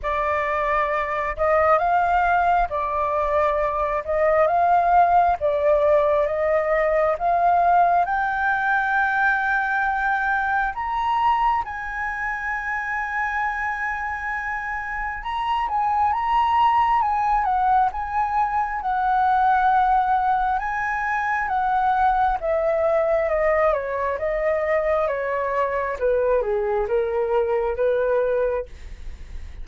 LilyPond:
\new Staff \with { instrumentName = "flute" } { \time 4/4 \tempo 4 = 67 d''4. dis''8 f''4 d''4~ | d''8 dis''8 f''4 d''4 dis''4 | f''4 g''2. | ais''4 gis''2.~ |
gis''4 ais''8 gis''8 ais''4 gis''8 fis''8 | gis''4 fis''2 gis''4 | fis''4 e''4 dis''8 cis''8 dis''4 | cis''4 b'8 gis'8 ais'4 b'4 | }